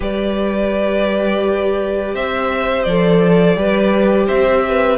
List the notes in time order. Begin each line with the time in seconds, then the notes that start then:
0.00 G3 G4 B4 D5
2.14 C4 C5 E5
2.83 F3 A4 D5
3.56 G3 G4 B4
4.26 C4 C5 E5
4.68 B4